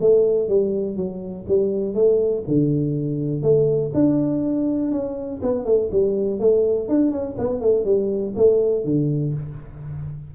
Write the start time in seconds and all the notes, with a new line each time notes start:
0.00 A3
0.48 G3
0.96 F#3
1.48 G3
1.94 A3
2.47 D3
3.42 A3
3.94 D4
4.92 C#4
5.42 B3
5.65 A3
5.91 G3
6.39 A3
6.88 D4
7.11 C#4
7.38 B3
7.61 A3
7.85 G3
8.36 A3
8.84 D3